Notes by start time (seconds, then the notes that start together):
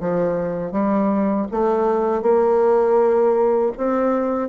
0.00 F3
0.72 G3
1.51 A3
2.22 A#3
3.77 C4